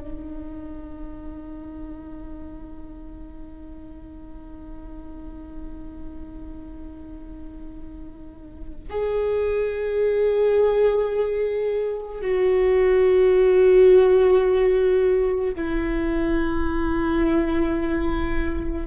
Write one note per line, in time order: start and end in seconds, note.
0.00 8.89 D#4
8.90 12.22 G#4
12.22 15.55 F#4
15.55 18.87 E4